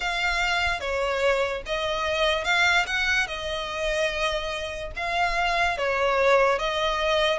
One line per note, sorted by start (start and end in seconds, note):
0.00 0.80 F5
0.80 1.62 C#5
1.66 2.44 D#5
2.44 2.85 F5
2.86 3.27 F#5
3.27 4.91 D#5
4.95 5.77 F5
5.77 6.58 C#5
6.58 7.38 D#5